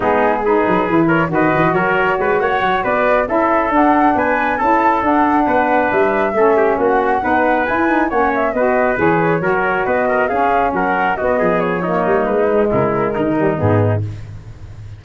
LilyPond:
<<
  \new Staff \with { instrumentName = "flute" } { \time 4/4 \tempo 4 = 137 gis'4 b'4. cis''8 dis''4 | cis''4. fis''4 d''4 e''8~ | e''8 fis''4 gis''4 a''4 fis''8~ | fis''4. e''2 fis''8~ |
fis''4. gis''4 fis''8 e''8 dis''8~ | dis''8 cis''2 dis''4 f''8~ | f''8 fis''4 dis''4 cis''4. | b'4 ais'2 gis'4 | }
  \new Staff \with { instrumentName = "trumpet" } { \time 4/4 dis'4 gis'4. ais'8 b'4 | ais'4 b'8 cis''4 b'4 a'8~ | a'4. b'4 a'4.~ | a'8 b'2 a'8 g'8 fis'8~ |
fis'8 b'2 cis''4 b'8~ | b'4. ais'4 b'8 ais'8 gis'8~ | gis'8 ais'4 fis'8 gis'4 dis'4~ | dis'4 e'4 dis'2 | }
  \new Staff \with { instrumentName = "saxophone" } { \time 4/4 b4 dis'4 e'4 fis'4~ | fis'2.~ fis'8 e'8~ | e'8 d'2 e'4 d'8~ | d'2~ d'8 cis'4.~ |
cis'8 dis'4 e'8 dis'8 cis'4 fis'8~ | fis'8 gis'4 fis'2 cis'8~ | cis'4. b4. ais4~ | ais8 gis2 g8 b4 | }
  \new Staff \with { instrumentName = "tuba" } { \time 4/4 gis4. fis8 e4 dis8 e8 | fis4 gis8 ais8 fis8 b4 cis'8~ | cis'8 d'4 b4 cis'4 d'8~ | d'8 b4 g4 a4 ais8~ |
ais8 b4 e'4 ais4 b8~ | b8 e4 fis4 b4 cis'8~ | cis'8 fis4 b8 f4. g8 | gis4 cis4 dis4 gis,4 | }
>>